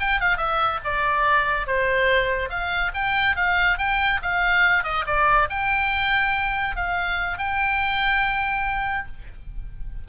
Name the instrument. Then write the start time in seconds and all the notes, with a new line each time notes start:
oboe
0.00 G5
0.21 F5
0.37 E5
0.85 D5
1.67 C5
2.50 F5
2.94 G5
3.36 F5
3.78 G5
4.23 F5
4.84 D#5
5.06 D5
5.50 G5
6.76 F5
7.38 G5